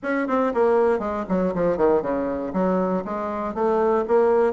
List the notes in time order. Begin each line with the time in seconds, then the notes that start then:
0.03 C#4
0.27 C4
0.54 A#3
0.99 G#3
1.28 F#3
1.54 F3
1.77 D#3
2.02 C#3
2.53 F#3
3.04 G#3
3.54 A3
4.07 A#3